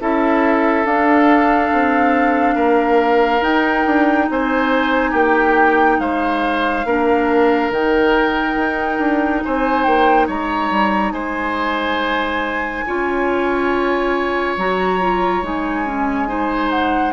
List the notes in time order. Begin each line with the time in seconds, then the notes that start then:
0.00 C#4 E4 A4 E5
0.85 D4 F5
1.73 C4
2.55 A#3 A#4
3.41 D#4 G5
3.86 D4
4.30 C4 C5 G#5
5.11 A#3 G4 G5
6.00 G#3 C5 F5
6.85 A#3 D4 A#4
7.71 D#3 D#4 G5
8.56 D#4
8.99 D4
9.44 C4 C5 G#5
9.84 A#3 G5
10.27 G#3 C#5 A#5
10.71 G3
11.12 G#3 C5 G#5
12.87 C#4 F4 C#5
14.57 F#3 F#4 A#5
15.01 F4
15.43 G#3 D#4 G#5
15.86 C#4
16.28 D#4 C5
16.71 F#5